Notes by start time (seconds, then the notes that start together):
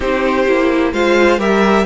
0.00 C4 D#4 G4 C5
0.46 A#3 E4
0.92 G#3 F4 C5 F5
1.38 G3 G4 A#4 E5